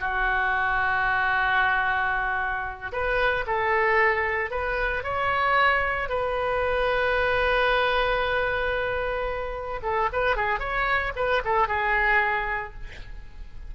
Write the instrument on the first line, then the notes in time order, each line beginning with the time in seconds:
oboe
0.00 F#4
2.92 B4
3.47 A4
4.51 B4
5.03 C#5
6.09 B4
9.83 A4
10.12 B4
10.36 G#4
10.60 C#5
11.16 B4
11.45 A4
11.68 G#4